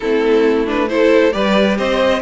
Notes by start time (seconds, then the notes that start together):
0.00 A3 C4 E4 A4
0.65 D4 B4
0.88 E4 A4 C5
1.31 G3 G4 B4 D5
1.77 C4 C5 D#5